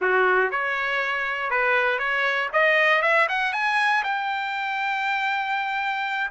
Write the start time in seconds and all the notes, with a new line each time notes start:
0.01 F#4
0.50 C#5
1.50 B4
1.98 C#5
2.52 D#5
3.01 E5
3.28 F#5
3.52 G#5
4.03 G5